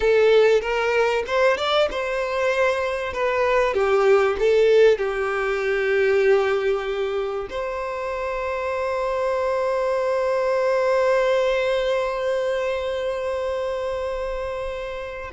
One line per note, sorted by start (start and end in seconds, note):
0.00 0.61 A4
0.61 1.23 A#4
1.26 1.57 C5
1.57 1.88 D5
1.90 3.13 C5
3.13 3.74 B4
3.74 4.36 G4
4.39 4.98 A4
4.98 7.48 G4
7.50 15.31 C5